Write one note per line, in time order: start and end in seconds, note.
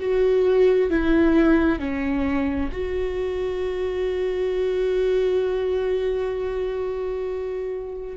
0.00 0.90 F#4
0.90 1.79 E4
1.79 2.70 C#4
2.72 8.17 F#4